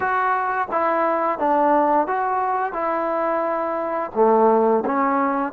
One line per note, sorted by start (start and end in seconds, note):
0.00 0.68 F#4
0.71 1.38 E4
1.38 2.07 D4
2.07 2.72 F#4
2.72 4.10 E4
4.14 4.83 A3
4.85 5.53 C#4